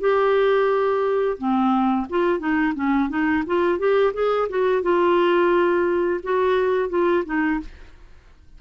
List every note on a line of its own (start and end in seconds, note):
0.00 1.38 G4
1.38 2.07 C4
2.10 2.39 F4
2.39 2.74 D#4
2.75 3.09 C#4
3.09 3.44 D#4
3.47 3.79 F4
3.79 4.13 G4
4.14 4.49 G#4
4.49 4.83 F#4
4.83 6.21 F4
6.24 6.90 F#4
6.90 7.24 F4
7.26 7.60 D#4